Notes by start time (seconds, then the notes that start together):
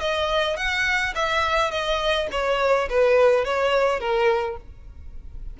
0.00 D#5
0.56 F#5
1.15 E5
1.70 D#5
2.31 C#5
2.89 B4
3.44 C#5
3.99 A#4